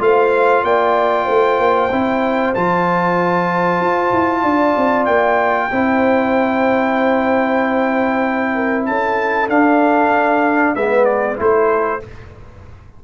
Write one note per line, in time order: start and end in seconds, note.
0.00 0.64 A3
0.00 1.89 F4
0.00 0.64 C5
0.00 0.65 F5
0.64 1.27 A#3
0.64 1.26 D5
0.64 2.54 G5
1.26 1.59 A3
1.26 4.41 C5
1.59 1.91 A#3
1.91 2.55 C4
1.91 2.55 E4
2.55 3.81 F3
2.55 5.71 F4
2.55 5.06 A5
3.81 4.12 F4
4.13 4.44 E4
4.42 4.76 D4
4.42 5.68 D5
4.77 5.08 C4
5.06 5.71 A#3
5.06 8.85 G5
5.71 8.88 C4
5.71 9.50 E4
5.71 8.55 C5
8.55 8.86 A#4
8.86 9.49 C#4
8.86 10.75 A4
8.86 9.49 A5
9.49 10.76 D4
9.49 10.77 D4
9.49 10.75 F5
10.75 11.39 G#3
10.75 11.37 B3
10.75 11.39 B4
10.75 11.05 E5
11.05 11.37 D5
11.37 12.03 A3
11.37 12.00 E4
11.37 12.04 A4
11.37 12.04 C5